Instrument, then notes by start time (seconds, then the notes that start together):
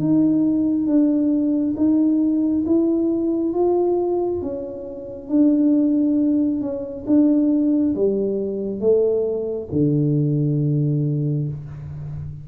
tuba
0.00 D#4
0.87 D4
1.77 D#4
2.66 E4
3.54 F4
4.42 C#4
5.29 D4
6.62 C#4
7.07 D4
7.96 G3
8.80 A3
9.72 D3